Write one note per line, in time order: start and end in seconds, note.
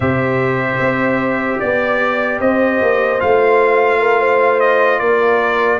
0.00 0.78 C3
0.00 3.19 G4
0.00 1.59 C5
0.00 1.59 E5
0.79 1.59 C4
1.59 2.40 B3
1.59 2.39 D5
2.40 2.80 C4
2.40 4.00 C5
2.40 3.20 D#5
2.81 3.21 A#3
3.19 5.00 A3
3.19 5.79 F4
3.19 4.60 F5
4.00 4.19 A#4
4.19 4.99 C5
4.60 4.99 D#5
4.99 5.79 A#3
4.99 5.79 A#4
4.99 5.79 D5